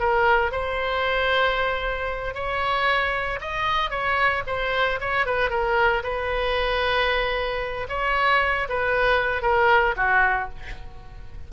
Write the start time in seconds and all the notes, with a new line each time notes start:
0.00 A#4
0.52 C5
2.35 C#5
3.41 D#5
3.91 C#5
4.47 C5
5.01 C#5
5.26 B4
5.50 A#4
6.03 B4
7.89 C#5
8.69 B4
9.42 A#4
9.97 F#4